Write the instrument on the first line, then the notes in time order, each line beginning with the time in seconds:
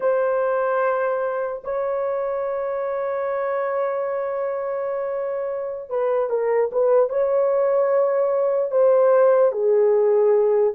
horn
0.00 C5
1.64 C#5
5.89 B4
6.29 A#4
6.71 B4
7.09 C#5
8.71 C5
9.52 G#4